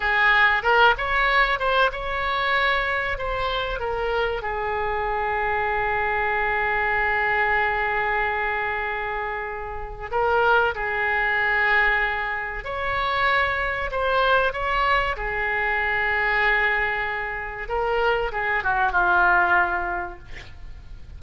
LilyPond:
\new Staff \with { instrumentName = "oboe" } { \time 4/4 \tempo 4 = 95 gis'4 ais'8 cis''4 c''8 cis''4~ | cis''4 c''4 ais'4 gis'4~ | gis'1~ | gis'1 |
ais'4 gis'2. | cis''2 c''4 cis''4 | gis'1 | ais'4 gis'8 fis'8 f'2 | }